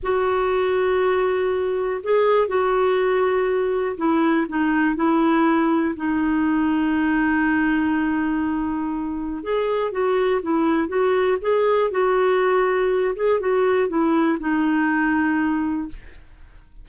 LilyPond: \new Staff \with { instrumentName = "clarinet" } { \time 4/4 \tempo 4 = 121 fis'1 | gis'4 fis'2. | e'4 dis'4 e'2 | dis'1~ |
dis'2. gis'4 | fis'4 e'4 fis'4 gis'4 | fis'2~ fis'8 gis'8 fis'4 | e'4 dis'2. | }